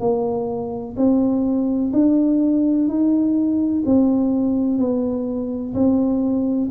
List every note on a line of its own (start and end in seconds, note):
0.00 0.95 A#3
0.97 1.92 C4
1.93 2.88 D4
2.88 3.84 D#4
3.86 4.78 C4
4.78 5.74 B3
5.74 6.69 C4